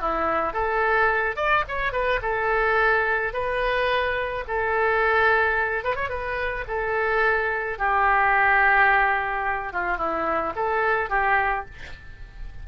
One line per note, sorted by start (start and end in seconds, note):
0.00 0.53 E4
0.53 1.36 A4
1.36 1.64 D5
1.68 1.92 C#5
1.92 2.20 B4
2.22 3.33 A4
3.33 4.44 B4
4.47 5.84 A4
5.84 5.95 B4
5.95 6.09 C#5
6.09 6.64 B4
6.67 7.78 A4
7.78 9.72 G4
9.72 9.97 F4
9.97 10.53 E4
10.55 11.09 A4
11.09 11.65 G4